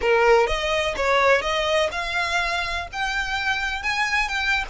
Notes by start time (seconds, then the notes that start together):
0.01 A#4
0.46 D#5
0.96 C#5
1.41 D#5
1.91 F5
2.92 G5
3.82 G#5
4.28 G5